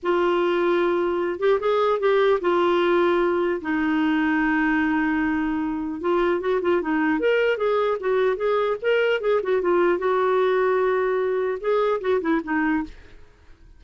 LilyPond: \new Staff \with { instrumentName = "clarinet" } { \time 4/4 \tempo 4 = 150 f'2.~ f'8 g'8 | gis'4 g'4 f'2~ | f'4 dis'2.~ | dis'2. f'4 |
fis'8 f'8 dis'4 ais'4 gis'4 | fis'4 gis'4 ais'4 gis'8 fis'8 | f'4 fis'2.~ | fis'4 gis'4 fis'8 e'8 dis'4 | }